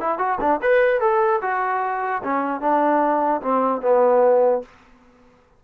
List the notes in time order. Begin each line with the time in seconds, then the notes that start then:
0.00 E4
0.18 F#4
0.40 D4
0.62 B4
1.00 A4
1.41 F#4
2.23 C#4
2.60 D4
3.41 C4
3.81 B3